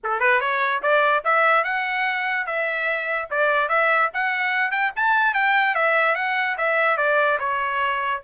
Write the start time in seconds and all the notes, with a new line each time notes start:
0.03 A4
0.20 B4
0.40 C#5
0.82 D5
1.24 E5
1.64 F#5
2.46 E5
3.30 D5
3.69 E5
4.13 F#5
4.71 G5
4.96 A5
5.33 G5
5.75 E5
6.15 F#5
6.57 E5
6.97 D5
7.39 C#5